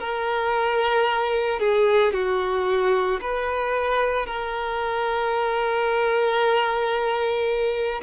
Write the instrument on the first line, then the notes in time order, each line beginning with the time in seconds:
violin
0.00 A#4
1.60 G#4
2.13 F#4
3.21 B4
4.27 A#4